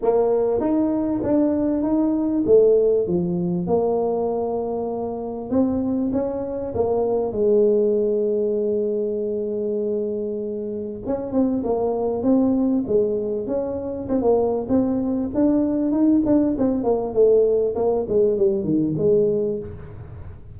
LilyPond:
\new Staff \with { instrumentName = "tuba" } { \time 4/4 \tempo 4 = 98 ais4 dis'4 d'4 dis'4 | a4 f4 ais2~ | ais4 c'4 cis'4 ais4 | gis1~ |
gis2 cis'8 c'8 ais4 | c'4 gis4 cis'4 c'16 ais8. | c'4 d'4 dis'8 d'8 c'8 ais8 | a4 ais8 gis8 g8 dis8 gis4 | }